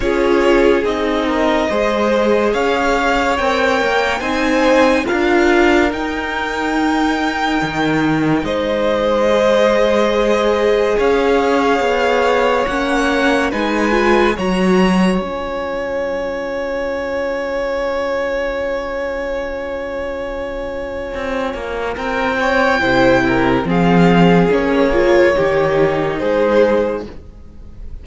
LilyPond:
<<
  \new Staff \with { instrumentName = "violin" } { \time 4/4 \tempo 4 = 71 cis''4 dis''2 f''4 | g''4 gis''4 f''4 g''4~ | g''2 dis''2~ | dis''4 f''2 fis''4 |
gis''4 ais''4 gis''2~ | gis''1~ | gis''2 g''2 | f''4 cis''2 c''4 | }
  \new Staff \with { instrumentName = "violin" } { \time 4/4 gis'4. ais'8 c''4 cis''4~ | cis''4 c''4 ais'2~ | ais'2 c''2~ | c''4 cis''2. |
b'4 cis''2.~ | cis''1~ | cis''2 ais'8 cis''8 c''8 ais'8 | gis'2 g'4 gis'4 | }
  \new Staff \with { instrumentName = "viola" } { \time 4/4 f'4 dis'4 gis'2 | ais'4 dis'4 f'4 dis'4~ | dis'2. gis'4~ | gis'2. cis'4 |
dis'8 f'8 fis'4 f'2~ | f'1~ | f'2. e'4 | c'4 cis'8 f'8 dis'2 | }
  \new Staff \with { instrumentName = "cello" } { \time 4/4 cis'4 c'4 gis4 cis'4 | c'8 ais8 c'4 d'4 dis'4~ | dis'4 dis4 gis2~ | gis4 cis'4 b4 ais4 |
gis4 fis4 cis'2~ | cis'1~ | cis'4 c'8 ais8 c'4 c4 | f4 ais4 dis4 gis4 | }
>>